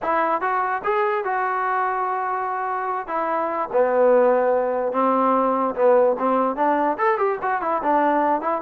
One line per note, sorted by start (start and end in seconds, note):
0.02 0.41 E4
0.41 0.82 F#4
0.84 1.24 G#4
1.24 3.07 F#4
3.07 3.69 E4
3.72 4.92 B3
4.92 5.74 C4
5.75 6.16 B3
6.18 6.55 C4
6.55 6.97 D4
6.98 7.17 A4
7.17 7.38 G4
7.42 7.61 F#4
7.61 7.82 E4
7.83 8.41 D4
8.41 8.61 E4